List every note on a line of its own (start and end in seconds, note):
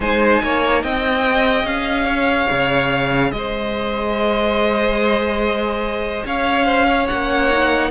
0.00 0.42 G#3
0.00 1.25 D#4
0.00 0.42 C5
0.00 0.83 G#5
0.42 0.83 A#3
0.42 0.83 C#5
0.83 1.64 C4
0.83 2.05 D#5
0.83 1.66 G5
1.25 7.08 G#4
1.64 2.47 C#4
1.64 3.31 F5
2.05 3.30 C#5
2.51 3.32 C#3
3.31 6.23 G#3
3.31 6.26 C5
3.31 6.23 D#5
6.25 7.08 C#4
6.25 6.65 C#5
6.25 7.07 F5
6.65 6.86 C5
6.86 7.90 C#5
7.07 7.91 A#3
7.07 7.50 C#4
7.07 7.90 F#5
7.50 7.91 D#4